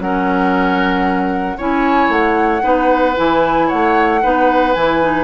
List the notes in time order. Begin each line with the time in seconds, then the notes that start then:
0.00 F#3 C#4 A#4 F#5
1.57 C#4 E4 C#5 G#5
2.09 A3 F#5
2.62 B3 D#4 B4
3.16 E3 E4 G#5
3.68 A3 C#5 F#5
4.22 B3 D#4 B4
4.73 E3 E4 G#5
5.02 D#4